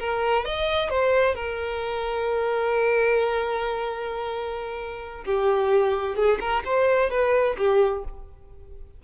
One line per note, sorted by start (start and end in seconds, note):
0.00 0.46 A#4
0.46 0.90 D#5
0.90 1.36 C5
1.36 5.25 A#4
5.26 6.16 G4
6.16 6.39 G#4
6.41 6.63 A#4
6.65 7.11 C5
7.11 7.57 B4
7.58 8.04 G4